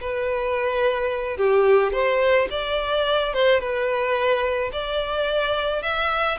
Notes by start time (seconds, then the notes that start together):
0.00 B4
1.37 G4
1.92 C5
2.50 D5
3.33 C5
3.60 B4
4.72 D5
5.82 E5